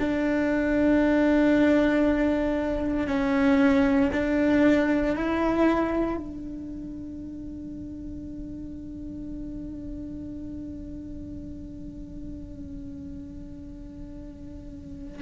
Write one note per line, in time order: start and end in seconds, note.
0.00 3.08 D4
3.08 4.11 C#4
4.13 5.16 D4
5.16 6.17 E4
6.17 15.22 D4